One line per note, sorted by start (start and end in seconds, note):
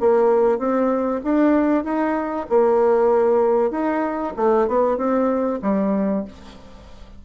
0.00 0.58 A#3
0.58 1.21 C4
1.24 1.84 D4
1.84 2.46 D#4
2.49 3.71 A#3
3.71 4.33 D#4
4.36 4.68 A3
4.68 4.97 B3
4.97 5.60 C4
5.62 6.25 G3